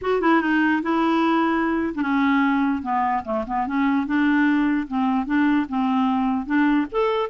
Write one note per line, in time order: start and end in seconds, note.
0.01 0.21 F#4
0.21 0.41 E4
0.41 0.81 D#4
0.82 1.94 E4
1.94 2.02 D4
2.02 2.82 C#4
2.82 3.23 B3
3.24 3.44 A3
3.46 3.66 B3
3.66 4.06 C#4
4.06 4.87 D4
4.87 5.26 C4
5.26 5.66 D4
5.68 6.46 C4
6.46 6.86 D4
6.91 7.29 A4